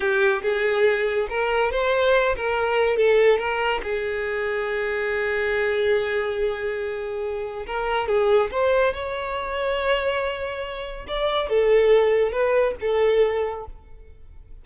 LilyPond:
\new Staff \with { instrumentName = "violin" } { \time 4/4 \tempo 4 = 141 g'4 gis'2 ais'4 | c''4. ais'4. a'4 | ais'4 gis'2.~ | gis'1~ |
gis'2 ais'4 gis'4 | c''4 cis''2.~ | cis''2 d''4 a'4~ | a'4 b'4 a'2 | }